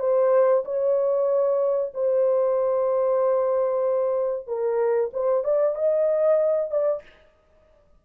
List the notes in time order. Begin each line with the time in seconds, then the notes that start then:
0.00 C5
0.65 C#5
1.94 C5
4.47 A#4
5.14 C5
5.44 D5
5.76 D#5
6.71 D5